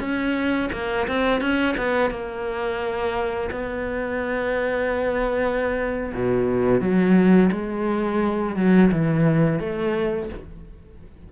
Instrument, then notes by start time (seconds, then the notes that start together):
cello
0.00 C#4
0.72 A#3
1.08 C4
1.41 C#4
1.77 B3
2.11 A#3
3.51 B3
6.14 B2
6.81 F#3
7.52 G#3
8.56 F#3
8.91 E3
9.60 A3